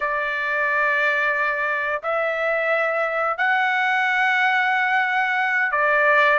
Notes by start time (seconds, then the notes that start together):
0.00 D5
2.02 E5
3.37 F#5
5.71 D5